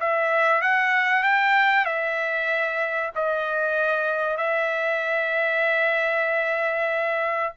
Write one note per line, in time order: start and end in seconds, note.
0.00 0.61 E5
0.61 1.23 F#5
1.23 1.85 G5
1.85 3.11 E5
3.15 4.37 D#5
4.37 7.53 E5